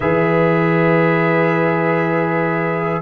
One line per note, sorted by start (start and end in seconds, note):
0.00 3.00 E3
0.00 3.02 G#4
0.00 3.02 B4
0.00 3.02 E5